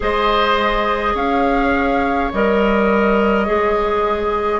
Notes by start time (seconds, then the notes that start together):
0.00 G#3 G#4 C5 D#5
1.14 C#4 C#5 F5
2.32 G3 A#4 D#5
3.46 G#3 G#4